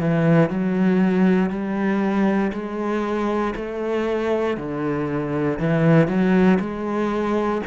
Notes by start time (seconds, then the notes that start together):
0.00 E3
0.49 F#3
1.50 G3
2.52 G#3
3.55 A3
4.57 D3
5.59 E3
6.07 F#3
6.60 G#3